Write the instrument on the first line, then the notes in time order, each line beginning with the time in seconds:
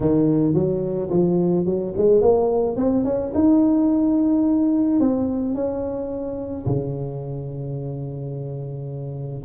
tuba
0.00 D#3
0.54 F#3
1.10 F3
1.65 F#3
1.97 G#3
2.21 A#3
2.76 C4
3.04 C#4
3.34 D#4
5.00 C4
5.54 C#4
6.66 C#3